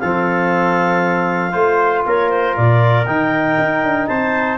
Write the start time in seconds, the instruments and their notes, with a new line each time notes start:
0.00 tuba F3, trombone C4, trumpet A4, clarinet F5
1.52 tuba A3, trombone F4, trumpet C5
2.06 tuba A#3, trumpet A#4, clarinet C#5
2.30 clarinet C5
2.56 tuba A#2, clarinet D5
3.06 tuba D#3, trombone D#4, clarinet G5
3.59 tuba D#4
3.84 tuba D4
4.08 tuba C4, trumpet C5, clarinet A5